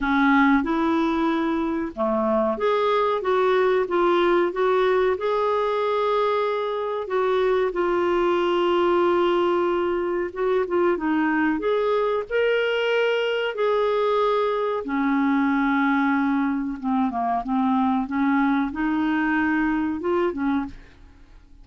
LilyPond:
\new Staff \with { instrumentName = "clarinet" } { \time 4/4 \tempo 4 = 93 cis'4 e'2 a4 | gis'4 fis'4 f'4 fis'4 | gis'2. fis'4 | f'1 |
fis'8 f'8 dis'4 gis'4 ais'4~ | ais'4 gis'2 cis'4~ | cis'2 c'8 ais8 c'4 | cis'4 dis'2 f'8 cis'8 | }